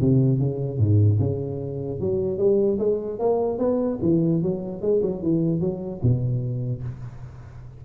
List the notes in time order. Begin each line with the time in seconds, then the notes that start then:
0.00 C3
0.38 C#3
0.78 G#2
1.19 C#3
2.00 F#3
2.38 G3
2.78 G#3
3.19 A#3
3.58 B3
4.02 E3
4.42 F#3
4.81 G#3
5.02 F#3
5.22 E3
5.60 F#3
6.02 B2